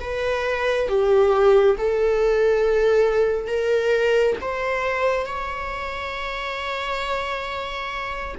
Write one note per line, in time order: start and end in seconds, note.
0.00 0.88 B4
0.88 1.76 G4
1.78 3.47 A4
3.47 4.36 A#4
4.41 5.26 C5
5.26 8.35 C#5